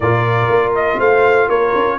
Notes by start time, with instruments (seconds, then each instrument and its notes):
0.00 tuba A#2, trombone F4, horn A#4, trumpet D5
0.48 tuba A#3
0.75 trumpet D#5
0.96 tuba A3, horn C5, trumpet F5
1.48 tuba A#3, horn A#4, trumpet C#5
1.75 tuba C#4